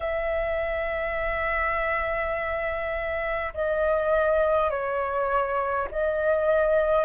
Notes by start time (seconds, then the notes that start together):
0.00 E5
3.53 D#5
4.70 C#5
5.91 D#5